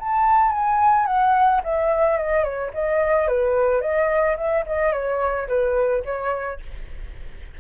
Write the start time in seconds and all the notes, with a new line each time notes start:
0.00 A5
0.52 G#5
1.07 F#5
1.64 E5
2.17 D#5
2.44 C#5
2.74 D#5
3.28 B4
3.82 D#5
4.37 E5
4.67 D#5
4.93 C#5
5.48 B4
6.06 C#5